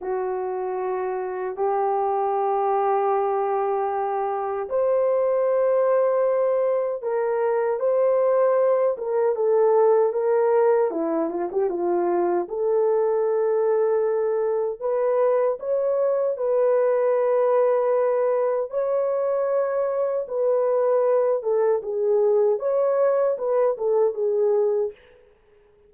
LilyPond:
\new Staff \with { instrumentName = "horn" } { \time 4/4 \tempo 4 = 77 fis'2 g'2~ | g'2 c''2~ | c''4 ais'4 c''4. ais'8 | a'4 ais'4 e'8 f'16 g'16 f'4 |
a'2. b'4 | cis''4 b'2. | cis''2 b'4. a'8 | gis'4 cis''4 b'8 a'8 gis'4 | }